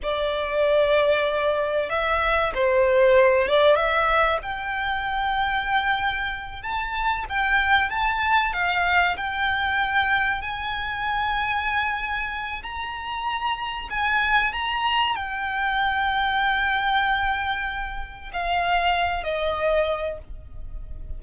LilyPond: \new Staff \with { instrumentName = "violin" } { \time 4/4 \tempo 4 = 95 d''2. e''4 | c''4. d''8 e''4 g''4~ | g''2~ g''8 a''4 g''8~ | g''8 a''4 f''4 g''4.~ |
g''8 gis''2.~ gis''8 | ais''2 gis''4 ais''4 | g''1~ | g''4 f''4. dis''4. | }